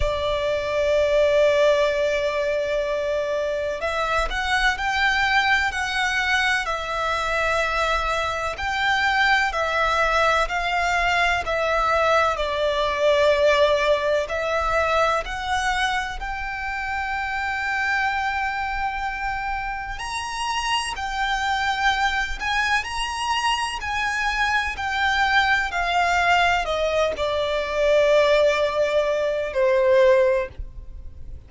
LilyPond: \new Staff \with { instrumentName = "violin" } { \time 4/4 \tempo 4 = 63 d''1 | e''8 fis''8 g''4 fis''4 e''4~ | e''4 g''4 e''4 f''4 | e''4 d''2 e''4 |
fis''4 g''2.~ | g''4 ais''4 g''4. gis''8 | ais''4 gis''4 g''4 f''4 | dis''8 d''2~ d''8 c''4 | }